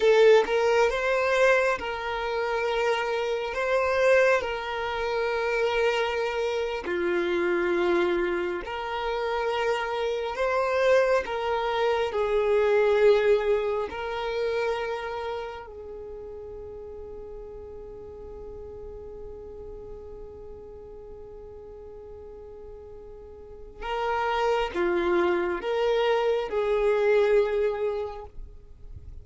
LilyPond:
\new Staff \with { instrumentName = "violin" } { \time 4/4 \tempo 4 = 68 a'8 ais'8 c''4 ais'2 | c''4 ais'2~ ais'8. f'16~ | f'4.~ f'16 ais'2 c''16~ | c''8. ais'4 gis'2 ais'16~ |
ais'4.~ ais'16 gis'2~ gis'16~ | gis'1~ | gis'2. ais'4 | f'4 ais'4 gis'2 | }